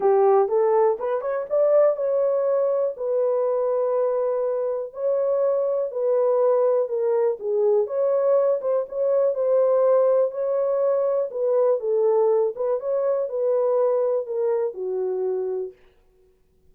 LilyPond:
\new Staff \with { instrumentName = "horn" } { \time 4/4 \tempo 4 = 122 g'4 a'4 b'8 cis''8 d''4 | cis''2 b'2~ | b'2 cis''2 | b'2 ais'4 gis'4 |
cis''4. c''8 cis''4 c''4~ | c''4 cis''2 b'4 | a'4. b'8 cis''4 b'4~ | b'4 ais'4 fis'2 | }